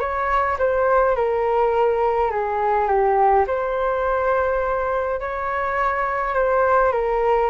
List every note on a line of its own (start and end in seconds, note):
0.00 0.58 C#5
0.59 1.16 C5
1.16 2.31 A#4
2.31 2.88 G#4
2.88 3.45 G4
3.47 5.20 C5
5.20 6.34 C#5
6.34 6.92 C5
6.92 7.50 A#4